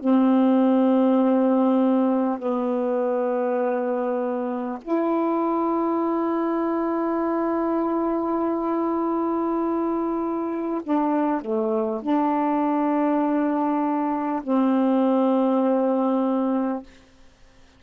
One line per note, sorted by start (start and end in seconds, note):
0.00 2.39 C4
2.39 4.79 B3
4.82 10.82 E4
10.84 11.42 D4
11.42 12.02 A3
12.03 14.43 D4
14.43 16.83 C4